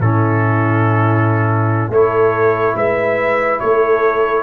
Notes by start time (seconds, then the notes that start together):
0.00 A2 C#4 E4 A4
1.89 A3 E4 A4 C#5
2.75 G#3 B4 E5
3.60 A3 A4 C#5